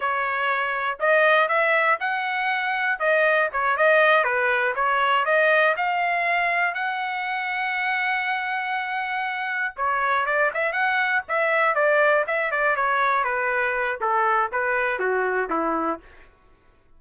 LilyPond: \new Staff \with { instrumentName = "trumpet" } { \time 4/4 \tempo 4 = 120 cis''2 dis''4 e''4 | fis''2 dis''4 cis''8 dis''8~ | dis''8 b'4 cis''4 dis''4 f''8~ | f''4. fis''2~ fis''8~ |
fis''2.~ fis''8 cis''8~ | cis''8 d''8 e''8 fis''4 e''4 d''8~ | d''8 e''8 d''8 cis''4 b'4. | a'4 b'4 fis'4 e'4 | }